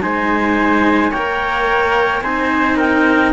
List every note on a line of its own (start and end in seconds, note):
0.00 1.11 G#3
0.00 1.11 D#4
0.00 1.10 C5
0.00 1.12 G#5
1.10 2.21 A#3
1.10 2.24 A#4
1.10 2.21 C#5
1.10 2.21 G5
2.21 3.32 C4
2.21 3.32 D#4
2.21 2.77 C5
2.21 2.77 G#5
2.77 3.32 A#4
2.77 3.32 G5